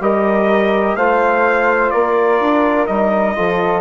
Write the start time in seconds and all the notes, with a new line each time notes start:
0.00 G3 G4 A#4 D#5
0.95 A3 F4 C5 F5
1.90 A#3 A#4 D5
2.40 D4
2.86 G3 D#4 D#5
3.35 F3 F4 A4